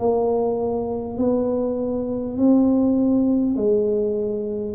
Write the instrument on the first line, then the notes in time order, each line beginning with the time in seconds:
tuba
0.00 A#3
1.18 B3
2.38 C4
3.57 G#3